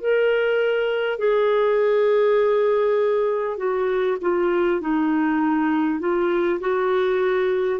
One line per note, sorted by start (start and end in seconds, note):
0.00 1.18 A#4
1.18 3.57 G#4
3.57 4.17 F#4
4.21 4.81 F4
4.81 5.99 D#4
5.99 6.59 F4
6.59 7.79 F#4